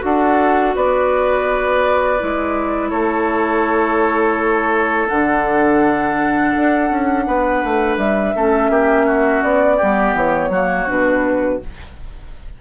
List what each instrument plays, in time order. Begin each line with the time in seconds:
0.00 bassoon D4, clarinet F#4, oboe A4, flute F#5
0.76 bassoon B3, oboe B4, flute D5
2.20 bassoon G#3, clarinet E4
2.90 bassoon A3, oboe A4, flute C#5
5.08 bassoon D3, clarinet D4, flute F#5
6.56 bassoon D4
6.91 bassoon C#4
7.27 bassoon B3, oboe B4
7.64 bassoon A3
7.98 bassoon G3, flute E5
8.36 bassoon A3, clarinet C#4, oboe A4
8.70 bassoon A#3, oboe G4
9.06 oboe F#4
9.43 bassoon B3, flute D5
9.77 bassoon G3, clarinet B3, oboe G4
10.14 bassoon E3, flute C#5
10.49 bassoon F#3, clarinet A#3, oboe F#4
10.87 bassoon B2, clarinet D4, flute B4